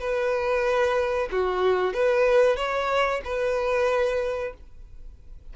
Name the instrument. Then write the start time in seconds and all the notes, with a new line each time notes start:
violin
0.00 B4
1.32 F#4
1.94 B4
2.57 C#5
3.25 B4